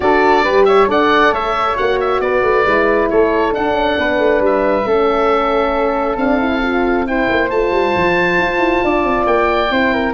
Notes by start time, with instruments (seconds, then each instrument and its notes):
0.00 tuba D4, horn F#4, flute A4, oboe D5
0.43 tuba G3, horn G4, flute B4
0.65 flute C#5, oboe E5
0.88 tuba D4, horn A4, flute D5, oboe F#5
1.31 tuba A3, flute C#5, oboe E5
1.76 tuba A#3, horn F#4, oboe F#5
2.00 oboe E5
2.20 tuba B3, flute B4, oboe D5
2.42 tuba A3
2.64 tuba G#3, horn E4
3.10 tuba A3, flute A4, oboe C#5
3.51 horn D4, tuba D4, oboe F#5
3.71 tuba C#4
3.98 tuba B3, flute B4
4.18 tuba A3
4.40 tuba G3, oboe E5
4.85 tuba A3, horn C#4, flute A4
6.16 tuba C4, horn D4, oboe F5
6.38 horn E4
6.62 horn F4
7.06 horn E4, flute C5, oboe G5
7.29 tuba A#3
7.50 tuba A3, horn F4, oboe A5
7.71 tuba G3
7.95 tuba F3
8.38 tuba F4
8.58 tuba E4
8.83 tuba D4, flute D5
9.03 tuba C4
9.26 tuba A#3, oboe G5
9.70 tuba C4, horn E4, flute C5
9.93 flute A#4